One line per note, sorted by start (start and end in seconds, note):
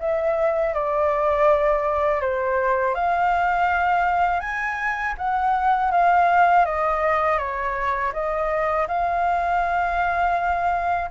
0.00 0.74 E5
0.74 2.21 D5
2.21 2.95 C5
2.95 4.40 F5
4.40 5.14 G#5
5.18 5.91 F#5
5.91 6.65 F5
6.65 7.38 D#5
7.38 8.12 C#5
8.13 8.87 D#5
8.88 11.10 F5